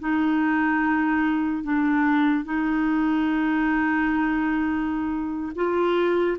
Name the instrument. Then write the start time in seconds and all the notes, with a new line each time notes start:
clarinet
0.00 D#4
1.64 D4
2.45 D#4
5.56 F4